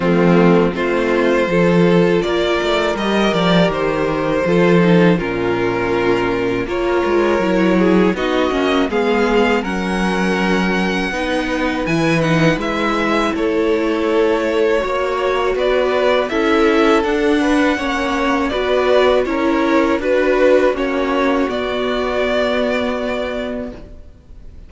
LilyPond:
<<
  \new Staff \with { instrumentName = "violin" } { \time 4/4 \tempo 4 = 81 f'4 c''2 d''4 | dis''8 d''8 c''2 ais'4~ | ais'4 cis''2 dis''4 | f''4 fis''2. |
gis''8 fis''8 e''4 cis''2~ | cis''4 d''4 e''4 fis''4~ | fis''4 d''4 cis''4 b'4 | cis''4 d''2. | }
  \new Staff \with { instrumentName = "violin" } { \time 4/4 c'4 f'4 a'4 ais'4~ | ais'2 a'4 f'4~ | f'4 ais'4. gis'8 fis'4 | gis'4 ais'2 b'4~ |
b'2 a'2 | cis''4 b'4 a'4. b'8 | cis''4 b'4 ais'4 b'4 | fis'1 | }
  \new Staff \with { instrumentName = "viola" } { \time 4/4 a4 c'4 f'2 | g'2 f'8 dis'8 cis'4~ | cis'4 f'4 e'4 dis'8 cis'8 | b4 cis'2 dis'4 |
e'8 dis'8 e'2. | fis'2 e'4 d'4 | cis'4 fis'4 e'4 fis'4 | cis'4 b2. | }
  \new Staff \with { instrumentName = "cello" } { \time 4/4 f4 a4 f4 ais8 a8 | g8 f8 dis4 f4 ais,4~ | ais,4 ais8 gis8 fis4 b8 ais8 | gis4 fis2 b4 |
e4 gis4 a2 | ais4 b4 cis'4 d'4 | ais4 b4 cis'4 d'4 | ais4 b2. | }
>>